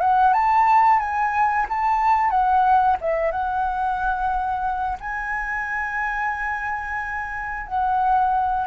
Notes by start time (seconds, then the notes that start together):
0.00 F#5
0.33 A5
0.99 G#5
1.68 A5
2.30 F#5
3.01 E5
3.31 F#5
5.00 G#5
7.66 F#5